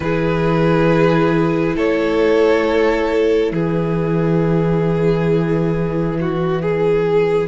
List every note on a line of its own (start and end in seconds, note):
0.00 1.75 E3
0.00 7.48 E4
0.00 1.76 G#4
0.00 1.76 B4
1.76 3.51 A3
1.76 3.52 A4
1.76 3.53 C#5
3.51 7.48 E3
3.51 6.18 G#4
3.51 7.48 B4
6.20 6.62 F#4
6.62 7.48 G#4